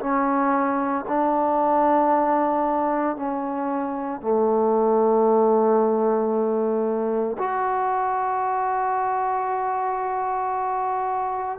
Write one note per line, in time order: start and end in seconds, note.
0.00 1.05 C#4
1.08 3.16 D4
3.16 4.21 C#4
4.21 7.37 A3
7.39 11.59 F#4